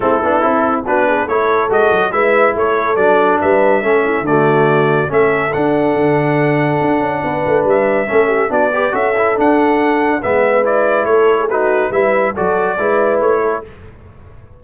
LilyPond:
<<
  \new Staff \with { instrumentName = "trumpet" } { \time 4/4 \tempo 4 = 141 a'2 b'4 cis''4 | dis''4 e''4 cis''4 d''4 | e''2 d''2 | e''4 fis''2.~ |
fis''2 e''2 | d''4 e''4 fis''2 | e''4 d''4 cis''4 b'4 | e''4 d''2 cis''4 | }
  \new Staff \with { instrumentName = "horn" } { \time 4/4 e'2 fis'8 gis'8 a'4~ | a'4 b'4 a'2 | b'4 a'8 e'8 fis'2 | a'1~ |
a'4 b'2 a'8 g'8 | fis'8 b'8 a'2. | b'2 a'8. gis'16 fis'4 | b'4 a'4 b'4. a'8 | }
  \new Staff \with { instrumentName = "trombone" } { \time 4/4 c'8 d'8 e'4 d'4 e'4 | fis'4 e'2 d'4~ | d'4 cis'4 a2 | cis'4 d'2.~ |
d'2. cis'4 | d'8 g'8 fis'8 e'8 d'2 | b4 e'2 dis'4 | e'4 fis'4 e'2 | }
  \new Staff \with { instrumentName = "tuba" } { \time 4/4 a8 b8 c'4 b4 a4 | gis8 fis8 gis4 a4 fis4 | g4 a4 d2 | a4 d'4 d2 |
d'8 cis'8 b8 a8 g4 a4 | b4 cis'4 d'2 | gis2 a2 | g4 fis4 gis4 a4 | }
>>